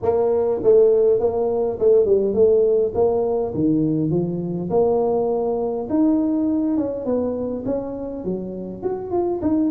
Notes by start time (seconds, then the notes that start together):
0.02 A#3
0.63 A3
1.19 A#3
1.79 A3
2.05 G3
2.34 A3
2.94 A#3
3.54 D#3
4.10 F3
4.70 A#3
5.89 D#4
6.77 C#4
7.05 B3
7.65 C#4
8.24 F#3
8.82 F#4
9.11 F4
9.41 D#4